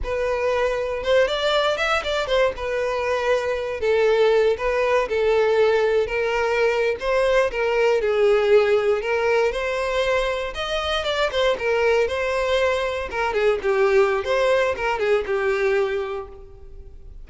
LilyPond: \new Staff \with { instrumentName = "violin" } { \time 4/4 \tempo 4 = 118 b'2 c''8 d''4 e''8 | d''8 c''8 b'2~ b'8 a'8~ | a'4 b'4 a'2 | ais'4.~ ais'16 c''4 ais'4 gis'16~ |
gis'4.~ gis'16 ais'4 c''4~ c''16~ | c''8. dis''4 d''8 c''8 ais'4 c''16~ | c''4.~ c''16 ais'8 gis'8 g'4~ g'16 | c''4 ais'8 gis'8 g'2 | }